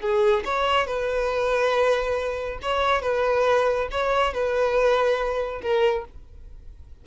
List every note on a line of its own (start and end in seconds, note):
0.00 0.43 G#4
0.44 0.86 C#5
0.86 2.59 B4
2.62 3.02 C#5
3.02 3.88 B4
3.91 4.33 C#5
4.33 5.61 B4
5.61 6.04 A#4